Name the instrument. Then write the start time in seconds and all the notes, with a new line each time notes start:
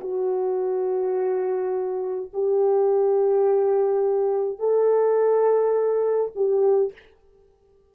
horn
0.00 F#4
2.33 G4
4.58 A4
6.35 G4